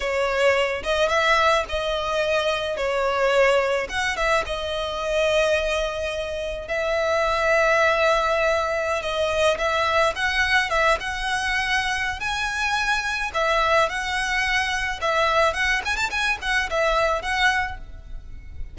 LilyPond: \new Staff \with { instrumentName = "violin" } { \time 4/4 \tempo 4 = 108 cis''4. dis''8 e''4 dis''4~ | dis''4 cis''2 fis''8 e''8 | dis''1 | e''1~ |
e''16 dis''4 e''4 fis''4 e''8 fis''16~ | fis''2 gis''2 | e''4 fis''2 e''4 | fis''8 gis''16 a''16 gis''8 fis''8 e''4 fis''4 | }